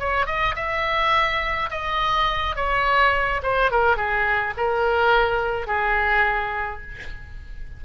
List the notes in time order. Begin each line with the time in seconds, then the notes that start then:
0.00 C#5
0.27 D#5
0.56 E5
1.71 D#5
2.56 C#5
3.43 C5
3.71 A#4
3.97 G#4
4.57 A#4
5.68 G#4